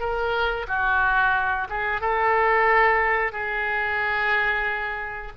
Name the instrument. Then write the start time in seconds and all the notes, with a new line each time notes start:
oboe
0.00 A#4
0.68 F#4
1.69 G#4
2.01 A4
3.32 G#4